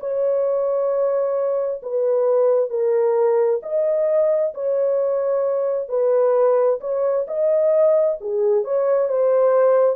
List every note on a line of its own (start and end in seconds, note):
0.00 1.82 C#5
1.83 2.70 B4
2.70 3.61 A#4
3.63 4.54 D#5
4.55 5.89 C#5
5.89 6.80 B4
6.81 7.26 C#5
7.28 8.19 D#5
8.21 8.64 G#4
8.64 9.09 C#5
9.09 9.97 C5